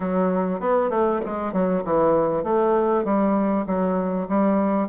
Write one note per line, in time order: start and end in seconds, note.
0.00 0.60 F#3
0.60 0.89 B3
0.89 1.20 A3
1.25 1.52 G#3
1.52 1.83 F#3
1.84 2.43 E3
2.43 3.04 A3
3.04 3.65 G3
3.66 4.27 F#3
4.28 4.88 G3